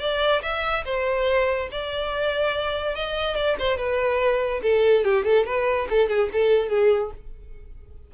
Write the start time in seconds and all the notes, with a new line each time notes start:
0.00 D5
0.43 E5
0.85 C5
1.72 D5
2.96 D#5
3.35 D5
3.59 C5
3.77 B4
4.63 A4
5.04 G4
5.25 A4
5.46 B4
5.90 A4
6.09 G#4
6.33 A4
6.69 G#4